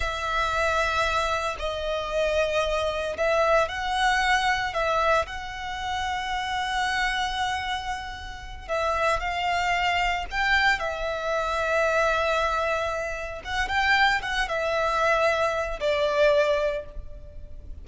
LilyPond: \new Staff \with { instrumentName = "violin" } { \time 4/4 \tempo 4 = 114 e''2. dis''4~ | dis''2 e''4 fis''4~ | fis''4 e''4 fis''2~ | fis''1~ |
fis''8 e''4 f''2 g''8~ | g''8 e''2.~ e''8~ | e''4. fis''8 g''4 fis''8 e''8~ | e''2 d''2 | }